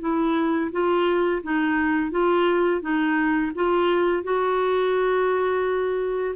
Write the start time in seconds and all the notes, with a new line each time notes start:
0.00 E4
0.71 F4
1.43 D#4
2.11 F4
2.81 D#4
3.55 F4
4.23 F#4